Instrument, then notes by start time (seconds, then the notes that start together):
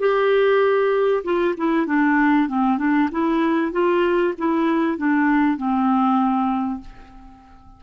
clarinet
0.00 G4
1.24 F4
1.57 E4
1.87 D4
2.49 C4
2.79 D4
3.12 E4
3.72 F4
4.38 E4
4.98 D4
5.58 C4